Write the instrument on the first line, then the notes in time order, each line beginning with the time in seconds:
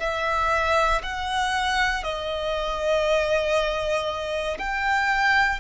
violin
0.00 E5
1.03 F#5
2.04 D#5
4.59 G5